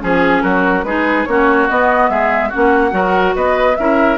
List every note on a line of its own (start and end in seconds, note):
0.00 0.43 F3
0.00 0.83 C#4
0.00 0.42 G#4
0.00 0.43 G#4
0.42 0.83 F#3
0.42 0.84 F#4
0.42 0.83 A#4
0.83 1.25 G#3
0.83 1.27 D#4
0.83 1.28 G#4
0.83 1.25 B4
1.25 1.69 A#3
1.25 1.69 C#4
1.25 2.10 F#4
1.25 1.66 C#5
1.69 2.52 B3
1.69 2.09 B3
1.69 2.09 D#5
2.09 2.51 G#3
2.09 2.49 G#4
2.09 2.51 E5
2.49 2.91 C#4
2.49 2.90 F#4
2.49 3.35 F#5
2.55 2.92 A#3
2.91 3.34 F#3
2.91 3.74 F#4
2.91 3.35 A#4
3.35 3.77 B3
3.35 3.77 B4
3.35 3.75 D#5
3.75 4.17 C#4
3.75 4.17 E4
3.75 4.17 A#4
3.75 4.17 E5